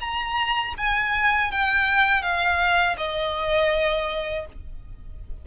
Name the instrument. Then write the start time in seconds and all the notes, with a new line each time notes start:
violin
0.00 A#5
0.77 G#5
1.52 G5
2.22 F5
2.98 D#5